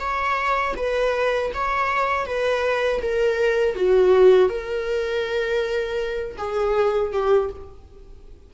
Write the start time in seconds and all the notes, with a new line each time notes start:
0.00 C#5
0.77 B4
1.54 C#5
2.26 B4
3.02 A#4
3.76 F#4
4.50 A#4
6.38 G#4
7.13 G4